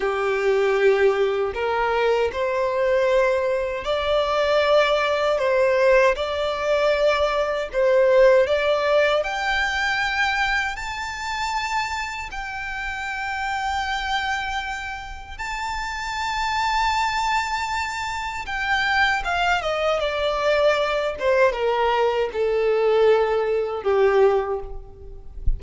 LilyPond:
\new Staff \with { instrumentName = "violin" } { \time 4/4 \tempo 4 = 78 g'2 ais'4 c''4~ | c''4 d''2 c''4 | d''2 c''4 d''4 | g''2 a''2 |
g''1 | a''1 | g''4 f''8 dis''8 d''4. c''8 | ais'4 a'2 g'4 | }